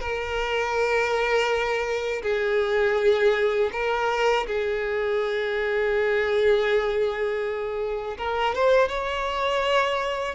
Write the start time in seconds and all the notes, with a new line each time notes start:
0.00 A#4
2.23 G#4
3.72 A#4
4.47 G#4
8.18 A#4
8.55 C5
8.88 C#5